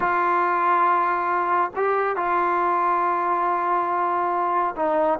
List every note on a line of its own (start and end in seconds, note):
0.00 1.71 F4
1.76 2.16 G4
2.16 4.75 F4
4.76 5.19 D#4